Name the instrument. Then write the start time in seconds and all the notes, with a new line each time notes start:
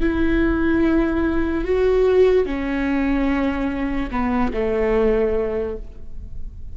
viola
0.00 E4
1.64 F#4
2.46 C#4
4.11 B3
4.53 A3